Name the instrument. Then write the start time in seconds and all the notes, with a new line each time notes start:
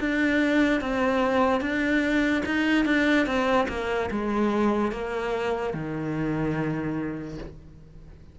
cello
0.00 D4
0.81 C4
1.61 D4
2.46 D#4
2.85 D4
3.26 C4
3.69 A#3
4.11 G#3
4.92 A#3
5.74 D#3